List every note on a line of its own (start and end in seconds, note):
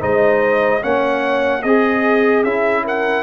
0.00 0.83 G#3
0.00 0.81 D#4
0.00 0.82 C5
0.00 0.84 D#5
0.81 1.64 A#3
0.81 1.62 C#4
0.81 1.61 C#5
0.81 1.63 F#5
1.61 2.44 C4
1.61 2.83 G#4
1.61 2.46 G#4
1.61 2.44 D#5
2.44 3.23 C#4
2.44 3.23 E4
2.44 2.85 E5
2.84 3.23 A#4
2.84 3.23 F#5